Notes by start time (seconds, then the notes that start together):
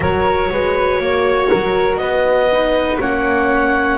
0.00 F#3 F#4 A#4 C#5
0.51 G#3 B4
0.99 A#3 C#5
1.49 F#3 A#4
1.96 B3 B4 D#5
2.51 D#4
2.99 A#3 C#4 C#5 F#5